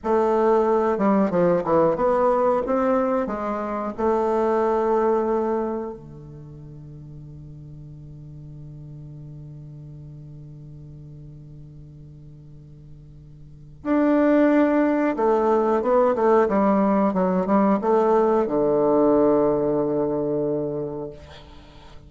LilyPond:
\new Staff \with { instrumentName = "bassoon" } { \time 4/4 \tempo 4 = 91 a4. g8 f8 e8 b4 | c'4 gis4 a2~ | a4 d2.~ | d1~ |
d1~ | d4 d'2 a4 | b8 a8 g4 fis8 g8 a4 | d1 | }